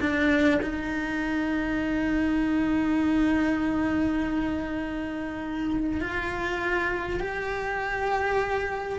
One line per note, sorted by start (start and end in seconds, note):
0.00 0.60 D4
0.61 6.00 D#4
6.00 7.20 F4
7.20 8.99 G4